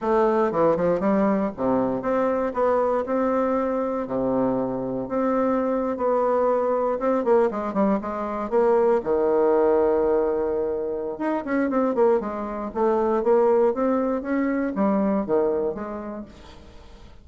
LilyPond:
\new Staff \with { instrumentName = "bassoon" } { \time 4/4 \tempo 4 = 118 a4 e8 f8 g4 c4 | c'4 b4 c'2 | c2 c'4.~ c'16 b16~ | b4.~ b16 c'8 ais8 gis8 g8 gis16~ |
gis8. ais4 dis2~ dis16~ | dis2 dis'8 cis'8 c'8 ais8 | gis4 a4 ais4 c'4 | cis'4 g4 dis4 gis4 | }